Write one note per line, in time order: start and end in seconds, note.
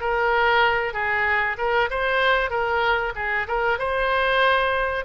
0.00 0.93 A#4
0.93 1.56 G#4
1.57 1.89 A#4
1.90 2.50 C5
2.50 3.13 A#4
3.15 3.47 G#4
3.47 3.78 A#4
3.78 5.05 C5